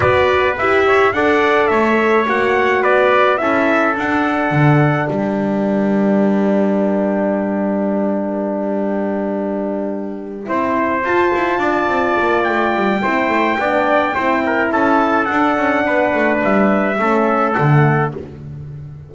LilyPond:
<<
  \new Staff \with { instrumentName = "trumpet" } { \time 4/4 \tempo 4 = 106 d''4 e''4 fis''4 e''4 | fis''4 d''4 e''4 fis''4~ | fis''4 g''2.~ | g''1~ |
g''2.~ g''8 a''8~ | a''2 g''2~ | g''2 a''4 fis''4~ | fis''4 e''2 fis''4 | }
  \new Staff \with { instrumentName = "trumpet" } { \time 4/4 b'4. cis''8 d''4 cis''4~ | cis''4 b'4 a'2~ | a'4 ais'2.~ | ais'1~ |
ais'2~ ais'8 c''4.~ | c''8 d''2~ d''8 c''4 | d''4 c''8 ais'8 a'2 | b'2 a'2 | }
  \new Staff \with { instrumentName = "horn" } { \time 4/4 fis'4 g'4 a'2 | fis'2 e'4 d'4~ | d'1~ | d'1~ |
d'2~ d'8 e'4 f'8~ | f'2. e'4 | d'4 e'2 d'4~ | d'2 cis'4 a4 | }
  \new Staff \with { instrumentName = "double bass" } { \time 4/4 b4 e'4 d'4 a4 | ais4 b4 cis'4 d'4 | d4 g2.~ | g1~ |
g2~ g8 c'4 f'8 | e'8 d'8 c'8 ais8 a8 g8 c'8 a8 | b4 c'4 cis'4 d'8 cis'8 | b8 a8 g4 a4 d4 | }
>>